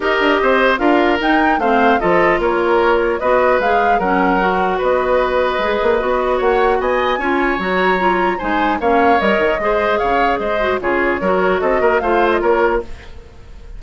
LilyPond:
<<
  \new Staff \with { instrumentName = "flute" } { \time 4/4 \tempo 4 = 150 dis''2 f''4 g''4 | f''4 dis''4 cis''2 | dis''4 f''4 fis''2 | dis''1 |
fis''4 gis''2 ais''4~ | ais''4 gis''4 f''4 dis''4~ | dis''4 f''4 dis''4 cis''4~ | cis''4 dis''4 f''8. dis''16 cis''4 | }
  \new Staff \with { instrumentName = "oboe" } { \time 4/4 ais'4 c''4 ais'2 | c''4 a'4 ais'2 | b'2 ais'2 | b'1 |
cis''4 dis''4 cis''2~ | cis''4 c''4 cis''2 | c''4 cis''4 c''4 gis'4 | ais'4 a'8 ais'8 c''4 ais'4 | }
  \new Staff \with { instrumentName = "clarinet" } { \time 4/4 g'2 f'4 dis'4 | c'4 f'2. | fis'4 gis'4 cis'4 fis'4~ | fis'2 gis'4 fis'4~ |
fis'2 f'4 fis'4 | f'4 dis'4 cis'4 ais'4 | gis'2~ gis'8 fis'8 f'4 | fis'2 f'2 | }
  \new Staff \with { instrumentName = "bassoon" } { \time 4/4 dis'8 d'8 c'4 d'4 dis'4 | a4 f4 ais2 | b4 gis4 fis2 | b2 gis8 ais8 b4 |
ais4 b4 cis'4 fis4~ | fis4 gis4 ais4 g8 dis8 | gis4 cis4 gis4 cis4 | fis4 c'8 ais8 a4 ais4 | }
>>